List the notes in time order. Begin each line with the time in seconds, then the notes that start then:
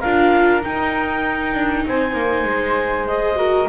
0.00 D4 F4 A#4 F5
0.62 D#4 G5
1.54 D4
1.86 C4 C5 G#5
2.13 A#3
2.44 G#3
3.07 G#4 D#5
3.36 F#4 A#4